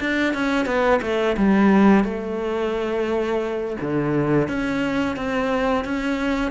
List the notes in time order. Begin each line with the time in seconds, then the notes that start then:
0.00 D4
0.34 C#4
0.66 B3
1.02 A3
1.37 G3
2.04 A3
3.81 D3
4.48 C#4
5.16 C4
5.85 C#4